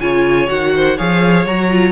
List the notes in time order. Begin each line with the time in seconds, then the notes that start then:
0.00 C#3 F4 C#5 G#5
0.47 D#3 F#4 F#5
0.75 C5
0.96 F3 G#4 C#5 F5
1.46 F#3 F#4 A#5
1.70 F4